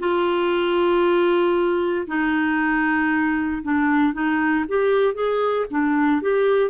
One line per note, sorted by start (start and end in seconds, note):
0.00 2.07 F4
2.07 3.63 D#4
3.63 4.14 D4
4.14 4.66 D#4
4.68 5.14 G4
5.14 5.66 G#4
5.71 6.22 D4
6.22 6.71 G4